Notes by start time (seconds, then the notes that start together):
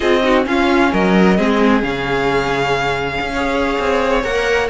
0.00 C4 F4 G#4 D#5
0.23 D#4 F#4
0.43 C#4 F4 F5
0.91 F#3 A#4 D#5
1.37 G#3 C4 G#4
1.82 C#3 C#4 F5
3.20 C#4
3.32 G#4 C#5
3.79 C4
4.22 A#3 A#4 F#5